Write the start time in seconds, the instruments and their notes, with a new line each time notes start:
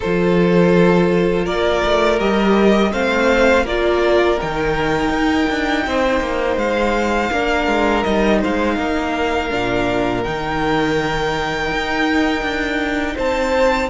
0.00 cello F3, viola F4, violin A4 C5
1.45 cello A#3, violin A#4 D5
1.84 cello A3
2.19 cello G3, viola G4, violin D#5
2.92 cello A3, viola C4, violin C5 F5
3.64 cello A#3, viola F4, violin A#4 D5
4.38 cello D#3, viola D#4, violin G5
5.09 cello D#4
5.49 cello D4
5.86 cello C4, violin C5
6.20 cello A#3
6.56 cello G#3, violin F5
7.31 cello A#3, viola D4, violin A#4
7.67 cello G#3
8.03 cello G3, viola D#4, violin D#5
8.41 cello G#3, violin C5 F5
8.75 cello A#3, violin A#4
9.50 cello A#2, viola D4
10.23 cello D#3, viola D#4, violin G5
11.71 cello D#4
12.42 cello D4
13.14 cello C4, violin C5 A5